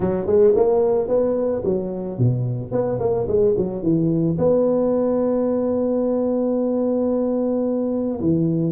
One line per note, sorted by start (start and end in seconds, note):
0.00 0.26 F#3
0.26 0.53 G#3
0.55 1.08 A#3
1.08 1.62 B3
1.64 2.18 F#3
2.18 2.71 B2
2.71 2.99 B3
2.99 3.27 A#3
3.27 3.54 G#3
3.57 3.82 F#3
3.82 4.37 E3
4.38 8.20 B3
8.20 8.72 E3